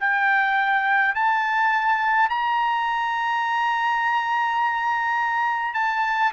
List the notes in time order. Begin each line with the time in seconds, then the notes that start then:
0.00 G5
1.15 A5
2.30 A#5
5.74 A5